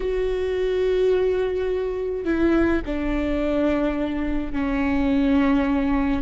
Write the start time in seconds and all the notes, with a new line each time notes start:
0.00 F#4
2.25 E4
2.85 D4
4.53 C#4